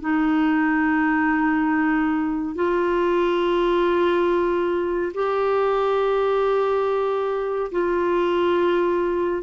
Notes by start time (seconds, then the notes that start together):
0.00 D#4
2.55 F4
5.14 G4
7.71 F4